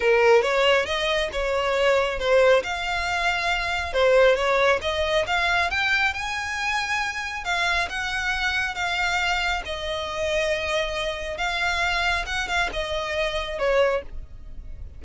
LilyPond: \new Staff \with { instrumentName = "violin" } { \time 4/4 \tempo 4 = 137 ais'4 cis''4 dis''4 cis''4~ | cis''4 c''4 f''2~ | f''4 c''4 cis''4 dis''4 | f''4 g''4 gis''2~ |
gis''4 f''4 fis''2 | f''2 dis''2~ | dis''2 f''2 | fis''8 f''8 dis''2 cis''4 | }